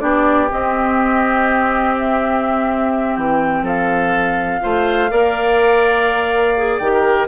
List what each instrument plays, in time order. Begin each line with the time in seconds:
0.00 bassoon B3, clarinet D4, oboe G4, flute D5
0.51 clarinet C4, bassoon C4, flute D#5
1.99 flute E5
3.17 bassoon E3, flute G5
3.62 bassoon F3, oboe A4, flute F5
4.62 bassoon A3, clarinet F4, oboe C5
5.11 bassoon A#3, clarinet A#4, oboe D5
6.57 clarinet G#4
6.79 bassoon D#3, clarinet G4, flute G5
6.94 oboe A#4